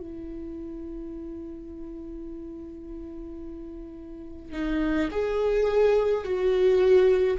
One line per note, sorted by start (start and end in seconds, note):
0.00 4.53 E4
4.53 5.09 D#4
5.11 6.25 G#4
6.25 7.38 F#4